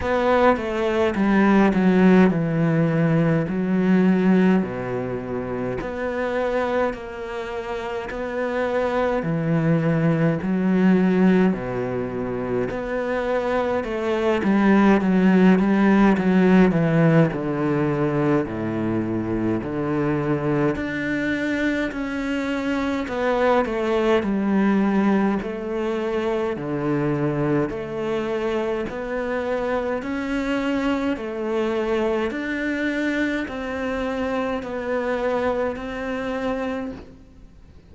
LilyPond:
\new Staff \with { instrumentName = "cello" } { \time 4/4 \tempo 4 = 52 b8 a8 g8 fis8 e4 fis4 | b,4 b4 ais4 b4 | e4 fis4 b,4 b4 | a8 g8 fis8 g8 fis8 e8 d4 |
a,4 d4 d'4 cis'4 | b8 a8 g4 a4 d4 | a4 b4 cis'4 a4 | d'4 c'4 b4 c'4 | }